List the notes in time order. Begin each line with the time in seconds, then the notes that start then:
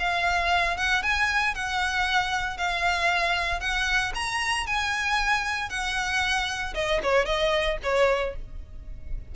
0.00 F5
0.78 F#5
1.03 G#5
1.55 F#5
2.58 F5
3.61 F#5
4.15 A#5
4.67 G#5
5.70 F#5
6.75 D#5
7.03 C#5
7.26 D#5
7.84 C#5